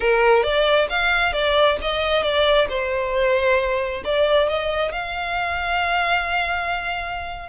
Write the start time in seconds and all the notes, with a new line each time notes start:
0.00 A#4
0.43 D5
0.89 F5
1.32 D5
1.81 D#5
2.22 D5
2.69 C5
4.04 D5
4.48 D#5
4.91 F5